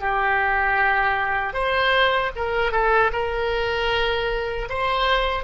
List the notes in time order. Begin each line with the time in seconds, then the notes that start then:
0.00 G4
1.53 C5
2.36 A#4
2.72 A4
3.12 A#4
4.69 C5